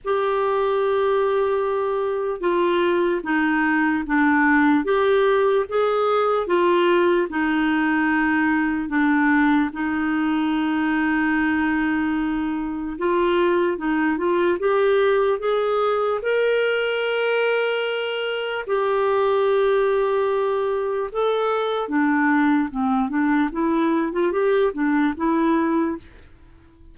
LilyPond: \new Staff \with { instrumentName = "clarinet" } { \time 4/4 \tempo 4 = 74 g'2. f'4 | dis'4 d'4 g'4 gis'4 | f'4 dis'2 d'4 | dis'1 |
f'4 dis'8 f'8 g'4 gis'4 | ais'2. g'4~ | g'2 a'4 d'4 | c'8 d'8 e'8. f'16 g'8 d'8 e'4 | }